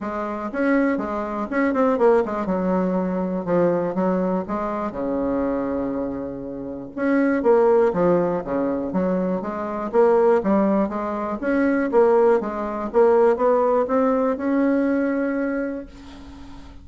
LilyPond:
\new Staff \with { instrumentName = "bassoon" } { \time 4/4 \tempo 4 = 121 gis4 cis'4 gis4 cis'8 c'8 | ais8 gis8 fis2 f4 | fis4 gis4 cis2~ | cis2 cis'4 ais4 |
f4 cis4 fis4 gis4 | ais4 g4 gis4 cis'4 | ais4 gis4 ais4 b4 | c'4 cis'2. | }